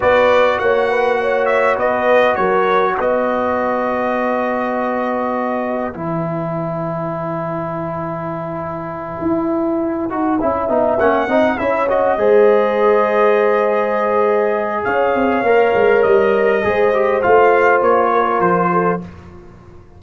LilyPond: <<
  \new Staff \with { instrumentName = "trumpet" } { \time 4/4 \tempo 4 = 101 d''4 fis''4. e''8 dis''4 | cis''4 dis''2.~ | dis''2 gis''2~ | gis''1~ |
gis''2~ gis''8 fis''4 e''8 | dis''1~ | dis''4 f''2 dis''4~ | dis''4 f''4 cis''4 c''4 | }
  \new Staff \with { instrumentName = "horn" } { \time 4/4 b'4 cis''8 b'8 cis''4 b'4 | ais'4 b'2.~ | b'1~ | b'1~ |
b'4. e''4. dis''8 cis''8~ | cis''8 c''2.~ c''8~ | c''4 cis''2. | c''2~ c''8 ais'4 a'8 | }
  \new Staff \with { instrumentName = "trombone" } { \time 4/4 fis'1~ | fis'1~ | fis'2 e'2~ | e'1~ |
e'4 fis'8 e'8 dis'8 cis'8 dis'8 e'8 | fis'8 gis'2.~ gis'8~ | gis'2 ais'2 | gis'8 g'8 f'2. | }
  \new Staff \with { instrumentName = "tuba" } { \time 4/4 b4 ais2 b4 | fis4 b2.~ | b2 e2~ | e2.~ e8 e'8~ |
e'4 dis'8 cis'8 b8 ais8 c'8 cis'8~ | cis'8 gis2.~ gis8~ | gis4 cis'8 c'8 ais8 gis8 g4 | gis4 a4 ais4 f4 | }
>>